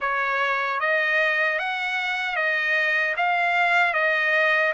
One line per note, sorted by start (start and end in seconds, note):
0.00 0.79 C#5
0.80 1.58 D#5
1.58 2.35 F#5
2.35 3.14 D#5
3.16 3.93 F5
3.93 4.72 D#5